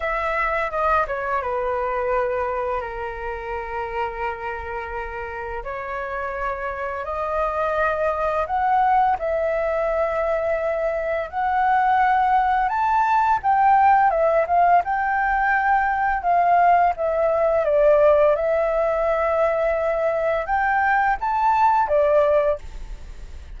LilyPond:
\new Staff \with { instrumentName = "flute" } { \time 4/4 \tempo 4 = 85 e''4 dis''8 cis''8 b'2 | ais'1 | cis''2 dis''2 | fis''4 e''2. |
fis''2 a''4 g''4 | e''8 f''8 g''2 f''4 | e''4 d''4 e''2~ | e''4 g''4 a''4 d''4 | }